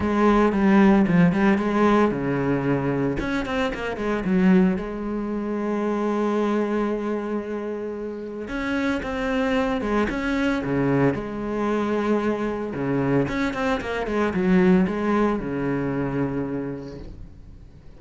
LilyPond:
\new Staff \with { instrumentName = "cello" } { \time 4/4 \tempo 4 = 113 gis4 g4 f8 g8 gis4 | cis2 cis'8 c'8 ais8 gis8 | fis4 gis2.~ | gis1 |
cis'4 c'4. gis8 cis'4 | cis4 gis2. | cis4 cis'8 c'8 ais8 gis8 fis4 | gis4 cis2. | }